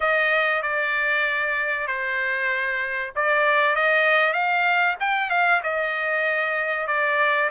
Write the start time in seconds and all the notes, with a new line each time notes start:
0.00 D#5
0.62 D5
1.87 C5
3.15 D5
3.75 D#5
4.33 F5
4.99 G5
5.30 F5
5.63 D#5
6.87 D5